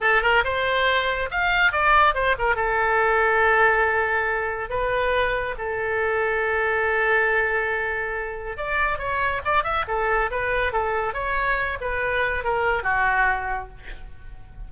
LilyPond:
\new Staff \with { instrumentName = "oboe" } { \time 4/4 \tempo 4 = 140 a'8 ais'8 c''2 f''4 | d''4 c''8 ais'8 a'2~ | a'2. b'4~ | b'4 a'2.~ |
a'1 | d''4 cis''4 d''8 e''8 a'4 | b'4 a'4 cis''4. b'8~ | b'4 ais'4 fis'2 | }